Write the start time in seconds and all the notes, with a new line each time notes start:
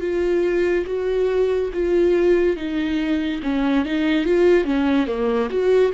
0.00 F4
0.86 F#4
1.72 F4
2.56 D#4
3.43 C#4
3.85 D#4
4.24 F4
4.64 C#4
5.07 A#3
5.49 F#4